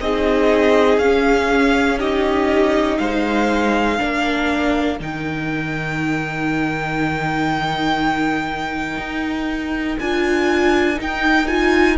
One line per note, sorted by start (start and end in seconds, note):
0.00 0.98 C4
0.00 1.01 D#4
0.00 1.99 G#4
0.00 0.98 D#5
0.98 2.98 C#4
0.98 1.99 C#4
0.98 1.98 F5
1.99 3.99 D#4
1.99 2.99 G4
1.99 2.98 D#5
2.98 3.99 G#3
2.98 3.99 C5
2.98 4.98 F5
3.99 5.00 A#3
3.99 4.99 D4
3.99 11.97 A#4
4.99 8.97 D#3
4.99 9.99 D#4
4.99 9.99 G5
8.97 9.97 D#4
9.99 11.00 D4
9.99 10.96 F4
9.99 10.99 G#5
10.96 11.46 D#4
10.96 11.97 D#4
11.02 11.47 G5
11.47 11.97 F4
11.47 11.97 G#5